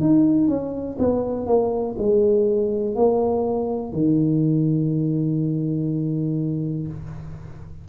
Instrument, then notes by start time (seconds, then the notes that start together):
tuba
0.00 D#4
0.47 C#4
0.98 B3
1.46 A#3
1.98 G#3
2.95 A#3
3.92 D#3